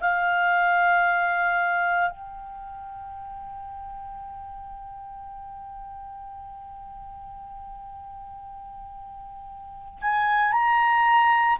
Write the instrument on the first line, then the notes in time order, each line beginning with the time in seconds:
clarinet
0.00 F5
2.11 G5
10.01 G#5
10.52 A#5